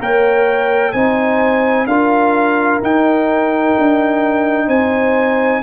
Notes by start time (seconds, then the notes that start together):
0.00 A#3 A#4 C#5 G5
0.93 C4 D#4 C5 G#5
1.87 D4 F4 A#4 F5
2.82 D#4 G5
3.79 D4
4.67 C4 C5 G#5